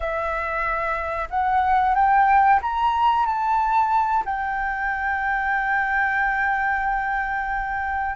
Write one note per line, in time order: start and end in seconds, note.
0.00 1.28 E5
1.30 1.94 F#5
1.94 2.60 G5
2.61 3.26 A#5
3.26 4.24 A5
4.25 8.15 G5